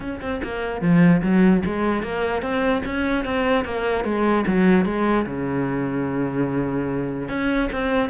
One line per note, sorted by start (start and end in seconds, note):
0.00 0.20 C#4
0.21 0.41 C4
0.43 0.81 A#3
0.81 1.21 F3
1.22 1.62 F#3
1.65 2.02 G#3
2.02 2.42 A#3
2.42 2.82 C4
2.85 3.24 C#4
3.24 3.64 C4
3.64 4.04 A#3
4.04 4.45 G#3
4.46 4.85 F#3
4.85 5.25 G#3
5.26 7.28 C#3
7.28 7.69 C#4
7.72 8.09 C4